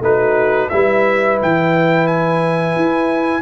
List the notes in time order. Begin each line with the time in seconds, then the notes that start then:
0.00 A3 D#4 F#4 B4
0.69 G3 E4 B4 E5
1.42 E3 G5
2.07 G#5
2.75 E4